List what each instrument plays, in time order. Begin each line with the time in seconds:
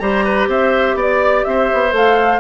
0.00 bassoon G3, clarinet G4, oboe C5, flute A#5
0.24 oboe B4
0.48 bassoon C4, oboe C5, flute E5
0.95 bassoon B3, oboe D5
1.01 flute D5
1.45 bassoon C4, oboe C5, flute E5
1.73 bassoon B3
1.91 bassoon A3, clarinet A4, flute F5